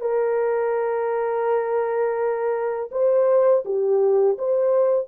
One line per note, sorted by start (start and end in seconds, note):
0.00 2.89 A#4
2.91 3.63 C5
3.64 4.37 G4
4.38 5.07 C5